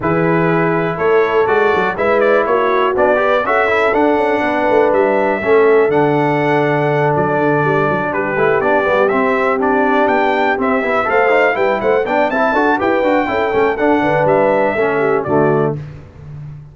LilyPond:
<<
  \new Staff \with { instrumentName = "trumpet" } { \time 4/4 \tempo 4 = 122 b'2 cis''4 d''4 | e''8 d''8 cis''4 d''4 e''4 | fis''2 e''2 | fis''2~ fis''8 d''4.~ |
d''8 b'4 d''4 e''4 d''8~ | d''8 g''4 e''4 f''4 g''8 | fis''8 g''8 a''4 g''2 | fis''4 e''2 d''4 | }
  \new Staff \with { instrumentName = "horn" } { \time 4/4 gis'2 a'2 | b'4 fis'4. b'8 a'4~ | a'4 b'2 a'4~ | a'1~ |
a'8 g'2.~ g'8~ | g'2~ g'8 c''4 b'8 | c''8 d''8 e''8 a'8 b'4 a'4~ | a'8 b'4. a'8 g'8 fis'4 | }
  \new Staff \with { instrumentName = "trombone" } { \time 4/4 e'2. fis'4 | e'2 d'8 g'8 fis'8 e'8 | d'2. cis'4 | d'1~ |
d'4 e'8 d'8 b8 c'4 d'8~ | d'4. c'8 e'8 a'8 dis'8 e'8~ | e'8 d'8 e'8 fis'8 g'8 fis'8 e'8 cis'8 | d'2 cis'4 a4 | }
  \new Staff \with { instrumentName = "tuba" } { \time 4/4 e2 a4 gis8 fis8 | gis4 ais4 b4 cis'4 | d'8 cis'8 b8 a8 g4 a4 | d2~ d8 fis8 d8 g8 |
fis8 g8 a8 b8 g8 c'4.~ | c'8 b4 c'8 b8 a4 g8 | a8 b8 c'8 d'8 e'8 d'8 cis'8 a8 | d'8 d8 g4 a4 d4 | }
>>